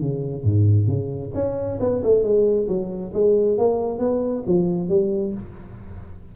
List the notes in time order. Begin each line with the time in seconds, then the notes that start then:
0.00 C#3
0.43 G#2
0.87 C#3
1.34 C#4
1.80 B3
2.03 A3
2.23 G#3
2.68 F#3
3.13 G#3
3.58 A#3
3.99 B3
4.46 F3
4.89 G3